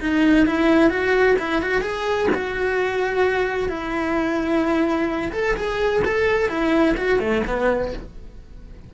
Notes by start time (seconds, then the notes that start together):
0.00 D#4
0.46 E4
0.89 F#4
1.39 E4
1.62 F#4
1.81 G#4
2.34 F#4
3.68 E4
5.32 A4
5.56 G#4
6.04 A4
6.49 E4
6.97 F#4
7.19 A3
7.47 B3